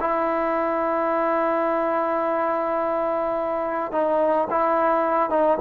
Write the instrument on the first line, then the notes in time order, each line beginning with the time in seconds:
trombone
0.00 E4
3.91 D#4
4.50 E4
5.30 D#4